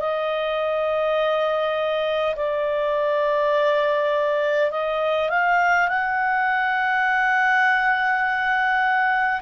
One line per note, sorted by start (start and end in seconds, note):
0.00 2.35 D#5
2.36 4.71 D5
4.71 5.29 D#5
5.29 5.88 F5
5.88 9.41 F#5